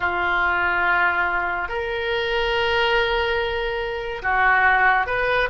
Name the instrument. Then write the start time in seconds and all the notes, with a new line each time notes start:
oboe
0.00 F4
1.68 A#4
4.22 F#4
5.06 B4